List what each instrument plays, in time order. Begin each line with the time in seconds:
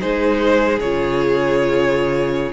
0.00 cello G#3, viola D#4, violin G#4 C5
0.80 cello C#3, viola F4, violin C#5